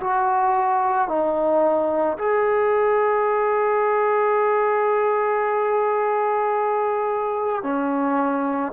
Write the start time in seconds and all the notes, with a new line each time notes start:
0.00 F#4
1.08 D#4
2.18 G#4
7.63 C#4